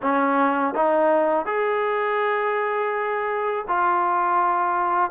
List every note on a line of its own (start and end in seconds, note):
0.02 0.74 C#4
0.74 1.45 D#4
1.45 3.65 G#4
3.68 5.11 F4